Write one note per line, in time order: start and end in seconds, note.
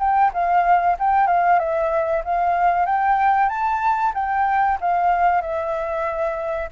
0.00 0.32 G5
0.34 0.97 F5
1.00 1.27 G5
1.27 1.59 F5
1.60 2.23 E5
2.25 2.86 F5
2.86 3.49 G5
3.49 4.13 A5
4.15 4.79 G5
4.81 5.42 F5
5.42 6.70 E5